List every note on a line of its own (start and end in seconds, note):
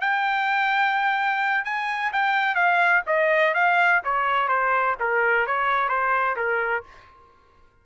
0.00 1.64 G5
1.64 2.12 G#5
2.12 2.55 G5
2.55 3.02 F5
3.06 3.54 D#5
3.54 4.01 F5
4.04 4.48 C#5
4.48 4.95 C5
4.99 5.46 A#4
5.46 5.88 C#5
5.88 6.36 C5
6.36 6.83 A#4